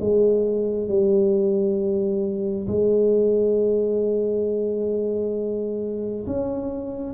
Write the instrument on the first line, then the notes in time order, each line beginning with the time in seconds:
tuba
0.00 G#3
0.88 G3
2.67 G#3
6.26 C#4